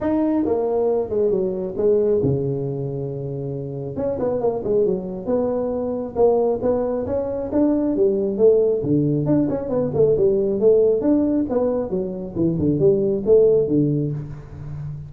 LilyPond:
\new Staff \with { instrumentName = "tuba" } { \time 4/4 \tempo 4 = 136 dis'4 ais4. gis8 fis4 | gis4 cis2.~ | cis4 cis'8 b8 ais8 gis8 fis4 | b2 ais4 b4 |
cis'4 d'4 g4 a4 | d4 d'8 cis'8 b8 a8 g4 | a4 d'4 b4 fis4 | e8 d8 g4 a4 d4 | }